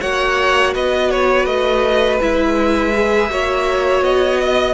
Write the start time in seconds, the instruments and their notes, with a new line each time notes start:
0.00 cello A#3, viola F#4, violin C#5 F#5
0.74 cello B3, violin B4 D#5
1.10 violin C#5
1.45 cello A3, violin D#5
2.20 cello G#3, viola E4, violin E5
2.93 viola G#4
3.29 cello A#3, viola F#4, violin C#5
4.01 cello B3, violin D#5
4.40 violin D#5